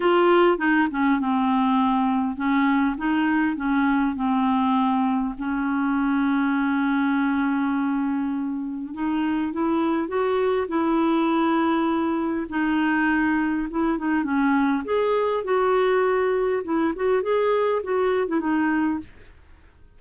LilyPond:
\new Staff \with { instrumentName = "clarinet" } { \time 4/4 \tempo 4 = 101 f'4 dis'8 cis'8 c'2 | cis'4 dis'4 cis'4 c'4~ | c'4 cis'2.~ | cis'2. dis'4 |
e'4 fis'4 e'2~ | e'4 dis'2 e'8 dis'8 | cis'4 gis'4 fis'2 | e'8 fis'8 gis'4 fis'8. e'16 dis'4 | }